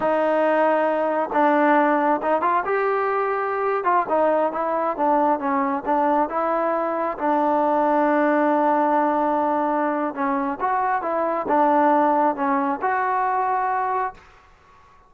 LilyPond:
\new Staff \with { instrumentName = "trombone" } { \time 4/4 \tempo 4 = 136 dis'2. d'4~ | d'4 dis'8 f'8 g'2~ | g'8. f'8 dis'4 e'4 d'8.~ | d'16 cis'4 d'4 e'4.~ e'16~ |
e'16 d'2.~ d'8.~ | d'2. cis'4 | fis'4 e'4 d'2 | cis'4 fis'2. | }